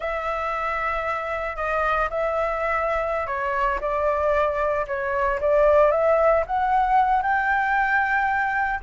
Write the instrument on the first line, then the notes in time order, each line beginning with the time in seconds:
flute
0.00 E5
1.56 D#5
2.10 E5
3.26 C#5
3.80 D5
4.87 C#5
5.40 D5
5.91 E5
6.46 F#5
7.22 G5